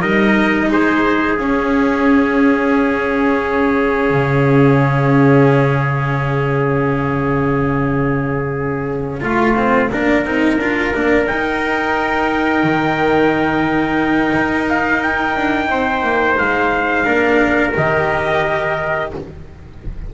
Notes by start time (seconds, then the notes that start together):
0.00 G3 D#4 A#4 D#5
0.69 G#3 G#4 C5
1.37 C#4 F5
4.10 C#3
9.21 A3 F4
9.56 C4
9.91 A#3 D4 A#4
10.25 C4 D#4
10.58 D4 F4
10.94 A#3 D4
11.26 D#4 G5
12.63 D#3
14.36 D#4
14.69 F5
15.02 G5
15.36 D4
15.69 C4 C5
16.03 A#3
16.38 G#3 F5
17.04 A#3 D4 A#4
17.73 D#3 G4 D#5